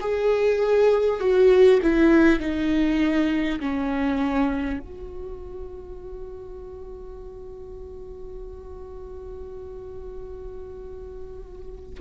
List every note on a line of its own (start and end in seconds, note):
0.00 1.19 G#4
1.19 1.79 F#4
1.82 2.39 E4
2.39 3.59 D#4
3.59 4.79 C#4
4.79 11.99 F#4